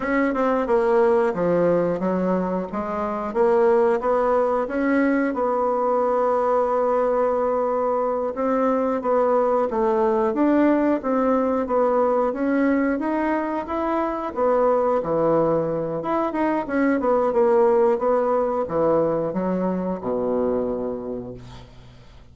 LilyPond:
\new Staff \with { instrumentName = "bassoon" } { \time 4/4 \tempo 4 = 90 cis'8 c'8 ais4 f4 fis4 | gis4 ais4 b4 cis'4 | b1~ | b8 c'4 b4 a4 d'8~ |
d'8 c'4 b4 cis'4 dis'8~ | dis'8 e'4 b4 e4. | e'8 dis'8 cis'8 b8 ais4 b4 | e4 fis4 b,2 | }